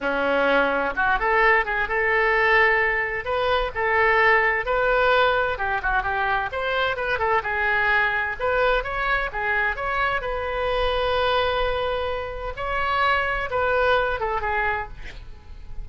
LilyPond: \new Staff \with { instrumentName = "oboe" } { \time 4/4 \tempo 4 = 129 cis'2 fis'8 a'4 gis'8 | a'2. b'4 | a'2 b'2 | g'8 fis'8 g'4 c''4 b'8 a'8 |
gis'2 b'4 cis''4 | gis'4 cis''4 b'2~ | b'2. cis''4~ | cis''4 b'4. a'8 gis'4 | }